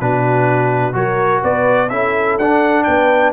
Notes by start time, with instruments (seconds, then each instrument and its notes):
0.00 tuba B2, trombone D4, horn F#4, trumpet B4
0.93 tuba F#3, trombone F#4, horn A#4, trumpet C#5
1.42 tuba B3, horn B4, trumpet D5
1.89 tuba C#4, trombone E4, horn A4, trumpet E5
2.39 tuba D4, trombone D4, trumpet F#5
2.84 tuba B3, horn B4, trumpet G5